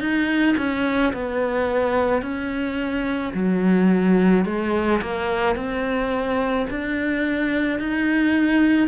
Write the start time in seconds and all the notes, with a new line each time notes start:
0.00 D#4
0.57 C#4
1.13 B3
2.22 C#4
3.34 F#3
4.45 G#3
5.02 A#3
5.56 C4
6.70 D4
7.79 D#4